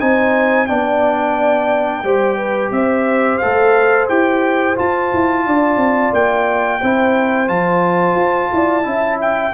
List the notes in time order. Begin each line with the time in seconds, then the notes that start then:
0.00 C4 D#4 C5 G#5
0.67 B3 D4 D5 G5
2.04 G3 G4 C5
2.37 B4
2.71 C4 C5 E5
3.38 A3 A4 F5
4.09 E4 G4 G5
4.76 F4 A5
5.13 E4
5.46 D4 D5
5.77 C4
6.13 A#3 G5
6.80 C4 E4 C5
7.47 F3 F4 A5
8.15 F4
8.53 E4 D5
8.83 C#4 E4 E5
9.21 G5